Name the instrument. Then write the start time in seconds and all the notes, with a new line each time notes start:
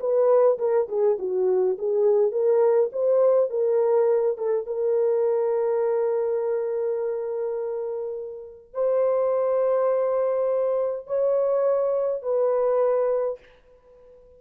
horn
0.00 B4
0.59 A#4
0.88 G#4
1.19 F#4
1.78 G#4
2.32 A#4
2.93 C5
3.50 A#4
4.38 A4
4.66 A#4
8.74 C5
11.07 C#5
12.23 B4